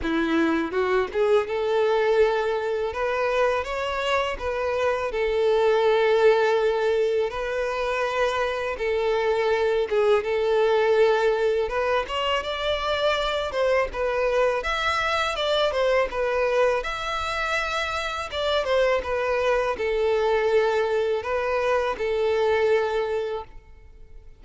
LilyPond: \new Staff \with { instrumentName = "violin" } { \time 4/4 \tempo 4 = 82 e'4 fis'8 gis'8 a'2 | b'4 cis''4 b'4 a'4~ | a'2 b'2 | a'4. gis'8 a'2 |
b'8 cis''8 d''4. c''8 b'4 | e''4 d''8 c''8 b'4 e''4~ | e''4 d''8 c''8 b'4 a'4~ | a'4 b'4 a'2 | }